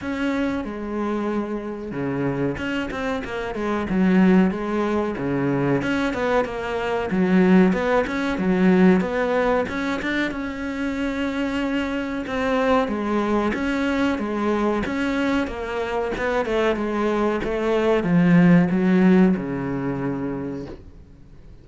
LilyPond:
\new Staff \with { instrumentName = "cello" } { \time 4/4 \tempo 4 = 93 cis'4 gis2 cis4 | cis'8 c'8 ais8 gis8 fis4 gis4 | cis4 cis'8 b8 ais4 fis4 | b8 cis'8 fis4 b4 cis'8 d'8 |
cis'2. c'4 | gis4 cis'4 gis4 cis'4 | ais4 b8 a8 gis4 a4 | f4 fis4 cis2 | }